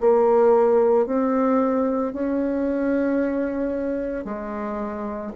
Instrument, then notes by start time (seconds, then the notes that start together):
bassoon
0.00 A#3
1.06 C4
2.12 C#4
4.24 G#3